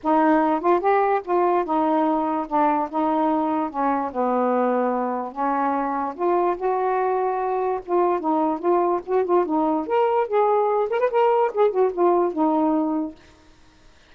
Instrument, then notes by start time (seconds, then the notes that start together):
saxophone
0.03 D#4
0.60 F4
0.80 G4
1.24 F4
1.64 D#4
2.47 D4
2.90 D#4
3.70 C#4
4.12 B3
5.32 C#4
6.15 F4
6.57 F#4
7.85 F4
8.20 D#4
8.59 F4
9.06 F#4
9.24 F4
9.45 D#4
9.86 A#4
10.27 G#4
10.89 A#4
10.99 B4
11.10 A#4
11.53 G#4
11.70 F#4
11.93 F4
12.33 D#4